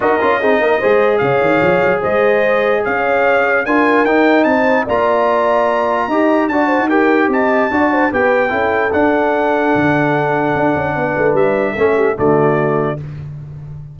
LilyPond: <<
  \new Staff \with { instrumentName = "trumpet" } { \time 4/4 \tempo 4 = 148 dis''2. f''4~ | f''4 dis''2 f''4~ | f''4 gis''4 g''4 a''4 | ais''1 |
a''4 g''4 a''2 | g''2 fis''2~ | fis''1 | e''2 d''2 | }
  \new Staff \with { instrumentName = "horn" } { \time 4/4 ais'4 gis'8 ais'8 c''4 cis''4~ | cis''4 c''2 cis''4~ | cis''4 ais'2 c''4 | d''2. dis''4 |
d''8 c''8 ais'4 dis''4 d''8 c''8 | b'4 a'2.~ | a'2. b'4~ | b'4 a'8 g'8 fis'2 | }
  \new Staff \with { instrumentName = "trombone" } { \time 4/4 fis'8 f'8 dis'4 gis'2~ | gis'1~ | gis'4 f'4 dis'2 | f'2. g'4 |
fis'4 g'2 fis'4 | g'4 e'4 d'2~ | d'1~ | d'4 cis'4 a2 | }
  \new Staff \with { instrumentName = "tuba" } { \time 4/4 dis'8 cis'8 c'8 ais8 gis4 cis8 dis8 | f8 fis8 gis2 cis'4~ | cis'4 d'4 dis'4 c'4 | ais2. dis'4 |
d'8. dis'4~ dis'16 c'4 d'4 | b4 cis'4 d'2 | d2 d'8 cis'8 b8 a8 | g4 a4 d2 | }
>>